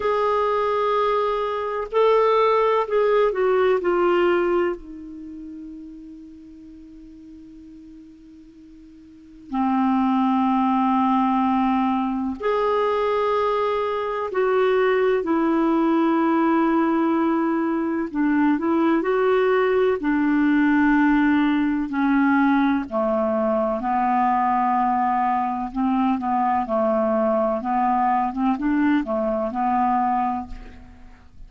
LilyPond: \new Staff \with { instrumentName = "clarinet" } { \time 4/4 \tempo 4 = 63 gis'2 a'4 gis'8 fis'8 | f'4 dis'2.~ | dis'2 c'2~ | c'4 gis'2 fis'4 |
e'2. d'8 e'8 | fis'4 d'2 cis'4 | a4 b2 c'8 b8 | a4 b8. c'16 d'8 a8 b4 | }